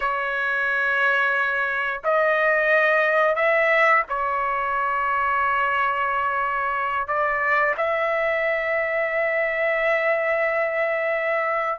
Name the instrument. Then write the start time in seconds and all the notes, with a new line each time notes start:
trumpet
0.00 C#5
2.04 D#5
3.35 E5
4.08 C#5
7.07 D5
7.77 E5